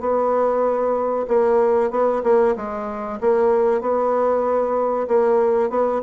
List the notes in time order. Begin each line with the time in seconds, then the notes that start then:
0.00 B3
1.28 A#3
1.90 B3
2.23 A#3
2.56 G#3
3.21 A#3
3.81 B3
5.08 A#3
5.70 B3